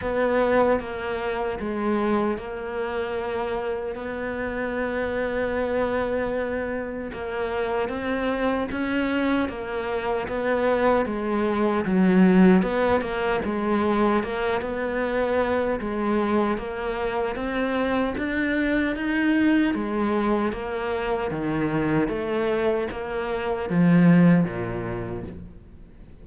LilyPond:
\new Staff \with { instrumentName = "cello" } { \time 4/4 \tempo 4 = 76 b4 ais4 gis4 ais4~ | ais4 b2.~ | b4 ais4 c'4 cis'4 | ais4 b4 gis4 fis4 |
b8 ais8 gis4 ais8 b4. | gis4 ais4 c'4 d'4 | dis'4 gis4 ais4 dis4 | a4 ais4 f4 ais,4 | }